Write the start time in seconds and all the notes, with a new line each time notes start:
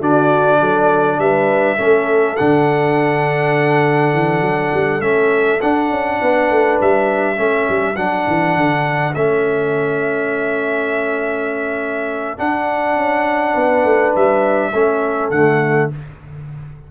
0.00 D3 D4 F#4 D5
0.59 F#3 A4
1.18 G3 B4 E5
1.77 A3 C#4 A4
2.36 D3 D4 F#5
4.13 E3
4.41 F#3
4.73 G3
5.00 A3 C#4 E5
5.61 D4 F#5
5.90 C#4
6.21 B3 B4
6.50 A3
6.80 G3 E5
7.36 A3 C#4 A4
7.68 G3
7.95 F#3 D4 F#5
8.27 E3
8.56 D3
9.14 A3 C#4 E5
12.37 D4 F#5
12.96 C#4
13.53 B3 B4
13.84 A3
14.15 G3 E5
14.72 A3 C#4 A4
15.30 D3 A3 F#5